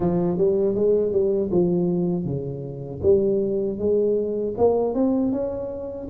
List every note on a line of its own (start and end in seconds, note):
0.00 0.37 F3
0.37 0.74 G3
0.74 1.12 G#3
1.12 1.50 G3
1.51 2.24 F3
2.24 3.00 C#3
3.02 3.78 G3
3.78 4.54 G#3
4.57 4.94 A#3
4.94 5.32 C4
5.32 6.08 C#4